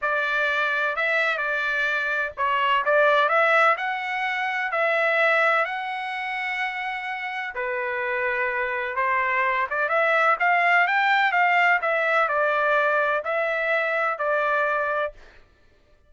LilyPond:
\new Staff \with { instrumentName = "trumpet" } { \time 4/4 \tempo 4 = 127 d''2 e''4 d''4~ | d''4 cis''4 d''4 e''4 | fis''2 e''2 | fis''1 |
b'2. c''4~ | c''8 d''8 e''4 f''4 g''4 | f''4 e''4 d''2 | e''2 d''2 | }